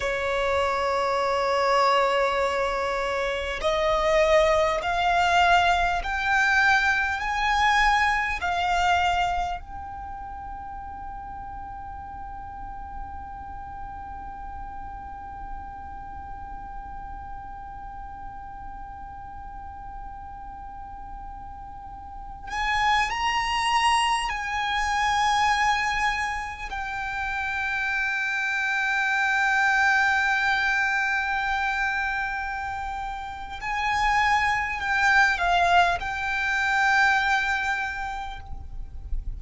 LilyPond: \new Staff \with { instrumentName = "violin" } { \time 4/4 \tempo 4 = 50 cis''2. dis''4 | f''4 g''4 gis''4 f''4 | g''1~ | g''1~ |
g''2~ g''8. gis''8 ais''8.~ | ais''16 gis''2 g''4.~ g''16~ | g''1 | gis''4 g''8 f''8 g''2 | }